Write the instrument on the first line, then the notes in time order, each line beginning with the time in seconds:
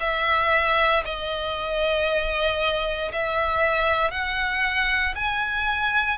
violin
0.00 E5
1.04 D#5
3.12 E5
4.11 F#5
5.15 G#5